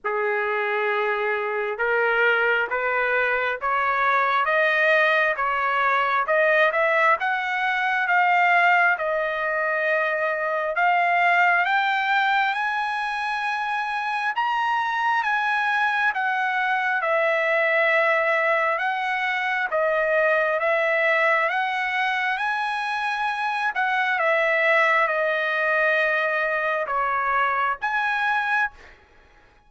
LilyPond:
\new Staff \with { instrumentName = "trumpet" } { \time 4/4 \tempo 4 = 67 gis'2 ais'4 b'4 | cis''4 dis''4 cis''4 dis''8 e''8 | fis''4 f''4 dis''2 | f''4 g''4 gis''2 |
ais''4 gis''4 fis''4 e''4~ | e''4 fis''4 dis''4 e''4 | fis''4 gis''4. fis''8 e''4 | dis''2 cis''4 gis''4 | }